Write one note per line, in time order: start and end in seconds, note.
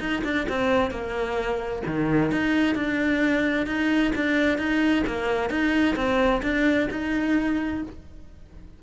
0.00 0.23 D#4
0.24 0.47 D4
0.49 0.91 C4
0.91 1.83 A#3
1.87 2.32 D#3
2.32 2.76 D#4
2.76 3.67 D4
3.67 4.12 D#4
4.16 4.58 D4
4.58 5.04 D#4
5.07 5.50 A#3
5.50 5.96 D#4
5.96 6.42 C4
6.43 6.89 D4
6.91 7.83 D#4